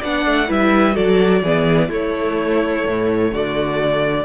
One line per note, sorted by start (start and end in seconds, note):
0.00 0.26 B3
0.00 0.48 D4
0.00 0.47 D5
0.00 0.51 F#5
0.26 0.49 A3
0.48 0.97 G3
0.48 0.93 E4
0.48 0.94 B4
0.48 0.95 E5
0.93 1.43 F#3
0.93 1.40 F#4
0.93 1.41 A4
0.93 1.90 D5
1.43 1.89 E3
1.43 1.91 B3
1.43 1.89 G#4
1.89 2.84 A3
1.89 4.25 A3
1.89 3.31 E4
1.89 3.34 C#5
2.87 3.32 A2
3.32 4.25 D3
3.32 4.25 F#4
3.32 4.25 D5